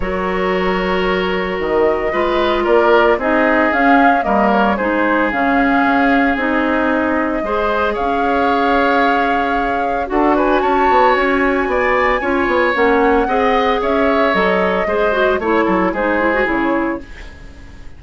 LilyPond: <<
  \new Staff \with { instrumentName = "flute" } { \time 4/4 \tempo 4 = 113 cis''2. dis''4~ | dis''4 d''4 dis''4 f''4 | dis''8 cis''8 c''4 f''2 | dis''2. f''4~ |
f''2. fis''8 gis''8 | a''4 gis''2. | fis''2 e''4 dis''4~ | dis''4 cis''4 c''4 cis''4 | }
  \new Staff \with { instrumentName = "oboe" } { \time 4/4 ais'1 | b'4 ais'4 gis'2 | ais'4 gis'2.~ | gis'2 c''4 cis''4~ |
cis''2. a'8 b'8 | cis''2 d''4 cis''4~ | cis''4 dis''4 cis''2 | c''4 cis''8 a'8 gis'2 | }
  \new Staff \with { instrumentName = "clarinet" } { \time 4/4 fis'1 | f'2 dis'4 cis'4 | ais4 dis'4 cis'2 | dis'2 gis'2~ |
gis'2. fis'4~ | fis'2. f'4 | cis'4 gis'2 a'4 | gis'8 fis'8 e'4 dis'8 e'16 fis'16 e'4 | }
  \new Staff \with { instrumentName = "bassoon" } { \time 4/4 fis2. dis4 | gis4 ais4 c'4 cis'4 | g4 gis4 cis4 cis'4 | c'2 gis4 cis'4~ |
cis'2. d'4 | cis'8 b8 cis'4 b4 cis'8 b8 | ais4 c'4 cis'4 fis4 | gis4 a8 fis8 gis4 cis4 | }
>>